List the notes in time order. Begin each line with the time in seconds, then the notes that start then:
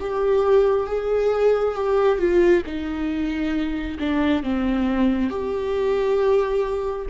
0.00 G4
0.86 G#4
1.74 G4
2.18 F4
2.66 D#4
3.99 D4
4.43 C4
5.29 G4